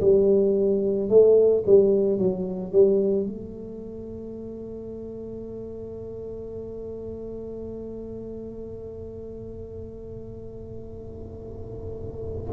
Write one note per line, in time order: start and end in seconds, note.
0.00 1.09 G3
1.09 1.63 A3
1.66 2.18 G3
2.18 2.72 F#3
2.72 3.26 G3
3.26 12.52 A3